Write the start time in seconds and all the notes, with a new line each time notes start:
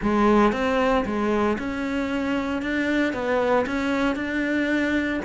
0.01 G#3
0.52 C4
1.05 G#3
1.58 C#4
2.61 D4
3.13 B3
3.66 C#4
4.15 D4